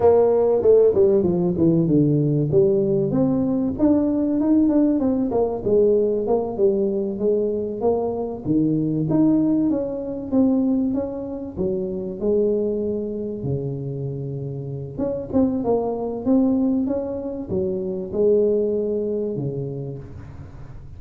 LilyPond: \new Staff \with { instrumentName = "tuba" } { \time 4/4 \tempo 4 = 96 ais4 a8 g8 f8 e8 d4 | g4 c'4 d'4 dis'8 d'8 | c'8 ais8 gis4 ais8 g4 gis8~ | gis8 ais4 dis4 dis'4 cis'8~ |
cis'8 c'4 cis'4 fis4 gis8~ | gis4. cis2~ cis8 | cis'8 c'8 ais4 c'4 cis'4 | fis4 gis2 cis4 | }